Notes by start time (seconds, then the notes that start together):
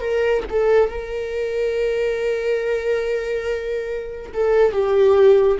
0.00 A#4
0.49 A4
0.89 A#4
4.33 A4
4.72 G4